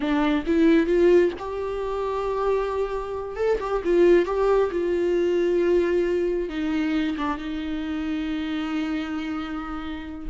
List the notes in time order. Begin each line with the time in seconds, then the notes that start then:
0.00 D4
0.46 E4
0.86 F4
1.39 G4
3.36 A4
3.60 G4
3.84 F4
4.25 G4
4.71 F4
6.49 D#4
7.17 D4
7.37 D#4